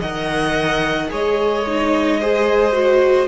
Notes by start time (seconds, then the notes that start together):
0.00 D#3 A#4 D#5 F#5
1.08 G#3 G#4 C#5 D#5
1.67 D#4
2.21 G#4 C5
2.72 F#4